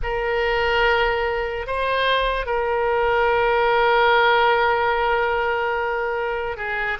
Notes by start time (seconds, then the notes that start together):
0.03 A#4
1.66 C5
2.45 A#4
6.56 G#4